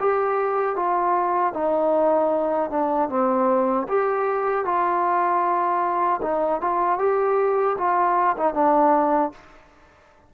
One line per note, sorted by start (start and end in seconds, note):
0.00 0.76 G4
0.76 1.54 F4
1.54 2.71 D#4
2.71 3.10 D4
3.10 3.87 C4
3.89 4.65 G4
4.65 6.21 F4
6.22 6.61 D#4
6.61 6.99 F4
6.99 7.77 G4
7.78 8.37 F4
8.37 8.54 D#4
8.54 9.32 D4